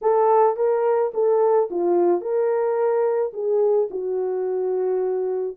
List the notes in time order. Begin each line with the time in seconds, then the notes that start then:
0.01 A4
0.56 A#4
1.14 A4
1.70 F4
2.21 A#4
3.33 G#4
3.90 F#4